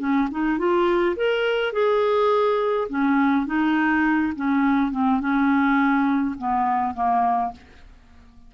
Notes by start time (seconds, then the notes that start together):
0.00 C#4
0.31 D#4
0.59 F4
1.17 A#4
1.73 G#4
2.89 C#4
3.47 D#4
4.36 C#4
4.92 C4
5.21 C#4
6.39 B3
6.95 A#3